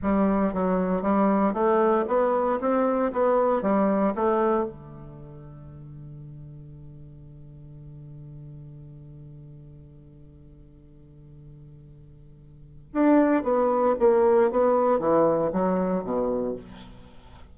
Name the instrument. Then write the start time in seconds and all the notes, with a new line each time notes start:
bassoon
0.02 G3
0.53 F#3
1.02 G3
1.53 A3
2.07 B3
2.60 C4
3.12 B3
3.61 G3
4.15 A3
4.64 D3
12.93 D4
13.43 B3
13.99 A#3
14.50 B3
14.99 E3
15.52 F#3
16.04 B2